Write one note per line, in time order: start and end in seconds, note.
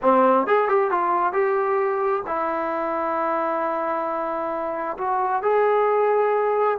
0.02 0.46 C4
0.46 0.68 G#4
0.68 0.90 G4
0.90 1.32 F4
1.32 2.22 G4
2.26 4.97 E4
4.97 5.42 F#4
5.42 6.78 G#4